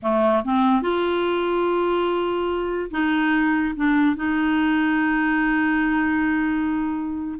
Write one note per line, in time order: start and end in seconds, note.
0.02 0.44 A3
0.44 0.82 C4
0.82 2.90 F4
2.91 3.74 D#4
3.76 4.16 D4
4.16 7.39 D#4